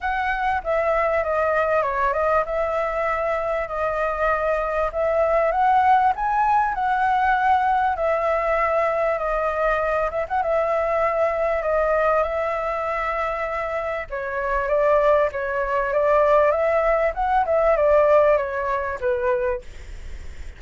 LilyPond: \new Staff \with { instrumentName = "flute" } { \time 4/4 \tempo 4 = 98 fis''4 e''4 dis''4 cis''8 dis''8 | e''2 dis''2 | e''4 fis''4 gis''4 fis''4~ | fis''4 e''2 dis''4~ |
dis''8 e''16 fis''16 e''2 dis''4 | e''2. cis''4 | d''4 cis''4 d''4 e''4 | fis''8 e''8 d''4 cis''4 b'4 | }